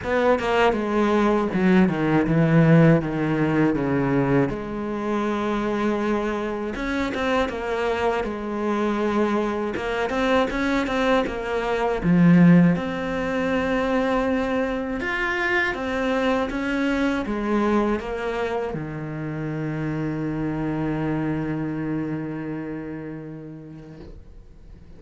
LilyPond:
\new Staff \with { instrumentName = "cello" } { \time 4/4 \tempo 4 = 80 b8 ais8 gis4 fis8 dis8 e4 | dis4 cis4 gis2~ | gis4 cis'8 c'8 ais4 gis4~ | gis4 ais8 c'8 cis'8 c'8 ais4 |
f4 c'2. | f'4 c'4 cis'4 gis4 | ais4 dis2.~ | dis1 | }